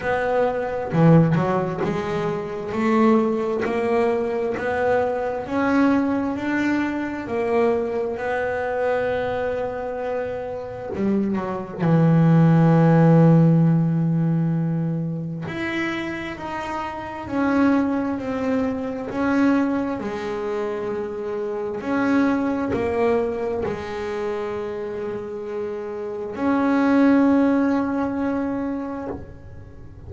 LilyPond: \new Staff \with { instrumentName = "double bass" } { \time 4/4 \tempo 4 = 66 b4 e8 fis8 gis4 a4 | ais4 b4 cis'4 d'4 | ais4 b2. | g8 fis8 e2.~ |
e4 e'4 dis'4 cis'4 | c'4 cis'4 gis2 | cis'4 ais4 gis2~ | gis4 cis'2. | }